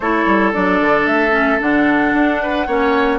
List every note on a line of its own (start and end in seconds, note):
0.00 0.25 A3
0.00 0.53 E4
0.00 2.42 A4
0.00 0.52 C#5
0.25 0.52 G3
0.53 0.80 F#3
0.53 1.31 D4
0.53 1.06 D5
0.80 1.06 D3
1.06 1.59 A3
1.06 1.60 E5
1.31 1.57 C#4
1.59 2.13 D3
1.59 2.66 D4
1.59 3.18 F#5
2.13 2.67 D4
2.42 2.66 B4
2.66 3.18 A#3
2.66 3.18 C#4
2.66 3.18 C#5